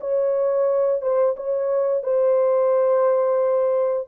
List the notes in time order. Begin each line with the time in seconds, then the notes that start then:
0.00 C#5
1.01 C5
1.36 C#5
2.03 C5